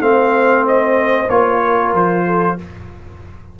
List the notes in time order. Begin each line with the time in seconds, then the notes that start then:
0.00 A3 C4 C5 F5
0.67 D#5
1.29 A#3 F4 C#5
1.63 A#4
1.93 F3 C5
2.26 A4